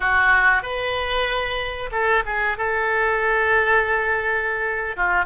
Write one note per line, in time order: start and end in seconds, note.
0.00 0.62 F#4
0.62 1.90 B4
1.91 2.23 A4
2.25 2.57 G#4
2.57 4.96 A4
4.96 5.25 F4